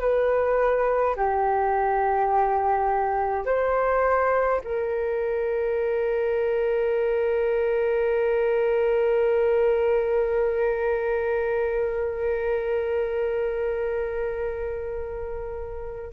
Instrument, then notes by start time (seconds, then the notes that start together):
flute
0.00 B4
1.16 G4
3.46 C5
4.64 A#4